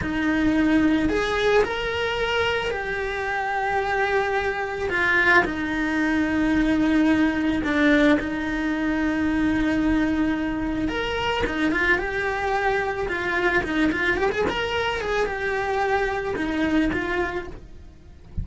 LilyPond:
\new Staff \with { instrumentName = "cello" } { \time 4/4 \tempo 4 = 110 dis'2 gis'4 ais'4~ | ais'4 g'2.~ | g'4 f'4 dis'2~ | dis'2 d'4 dis'4~ |
dis'1 | ais'4 dis'8 f'8 g'2 | f'4 dis'8 f'8 g'16 gis'16 ais'4 gis'8 | g'2 dis'4 f'4 | }